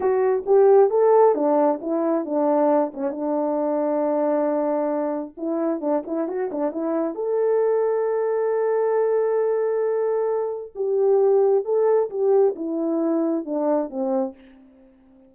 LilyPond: \new Staff \with { instrumentName = "horn" } { \time 4/4 \tempo 4 = 134 fis'4 g'4 a'4 d'4 | e'4 d'4. cis'8 d'4~ | d'1 | e'4 d'8 e'8 fis'8 d'8 e'4 |
a'1~ | a'1 | g'2 a'4 g'4 | e'2 d'4 c'4 | }